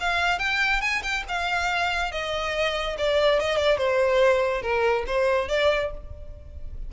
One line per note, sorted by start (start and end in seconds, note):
0.00 0.39 F5
0.39 0.81 G5
0.81 1.02 G#5
1.03 1.24 G5
1.28 2.12 F5
2.12 2.96 D#5
2.98 3.40 D5
3.40 3.57 D#5
3.57 3.78 D5
3.78 4.62 C5
4.62 5.04 A#4
5.06 5.48 C5
5.48 5.90 D5